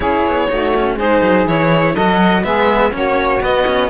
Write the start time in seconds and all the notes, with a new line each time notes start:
0.00 C#4 E4 G#4 C#5
0.26 B3
0.49 A3 D#4 F#4
0.76 C#4
0.96 G#3 D#4 G#4 C5
1.22 F#3
1.46 E3 E4 C#5
1.94 F#3 F#4 A4 D#5
2.43 G#3 B3 G#4 E5
2.91 A#3 C#4 F#4 C#5
3.40 B3 D#5
3.66 C#4